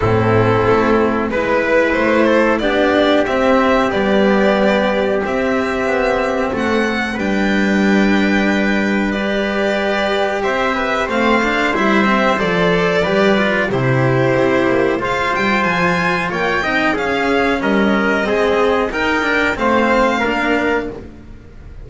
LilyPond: <<
  \new Staff \with { instrumentName = "violin" } { \time 4/4 \tempo 4 = 92 a'2 b'4 c''4 | d''4 e''4 d''2 | e''2 fis''4 g''4~ | g''2 d''2 |
e''4 f''4 e''4 d''4~ | d''4 c''2 f''8 g''8 | gis''4 g''4 f''4 dis''4~ | dis''4 g''4 f''2 | }
  \new Staff \with { instrumentName = "trumpet" } { \time 4/4 e'2 b'4. a'8 | g'1~ | g'2 a'4 b'4~ | b'1 |
c''8 b'8 c''2. | b'4 g'2 c''4~ | c''4 cis''8 dis''8 gis'4 ais'4 | gis'4 ais'4 c''4 ais'4 | }
  \new Staff \with { instrumentName = "cello" } { \time 4/4 c'2 e'2 | d'4 c'4 b2 | c'2. d'4~ | d'2 g'2~ |
g'4 c'8 d'8 e'8 c'8 a'4 | g'8 f'8 e'2 f'4~ | f'4. dis'8 cis'2 | c'4 dis'8 d'8 c'4 d'4 | }
  \new Staff \with { instrumentName = "double bass" } { \time 4/4 a,4 a4 gis4 a4 | b4 c'4 g2 | c'4 b4 a4 g4~ | g1 |
c'4 a4 g4 f4 | g4 c4 c'8 ais8 gis8 g8 | f4 ais8 c'8 cis'4 g4 | gis4 dis'4 a4 ais4 | }
>>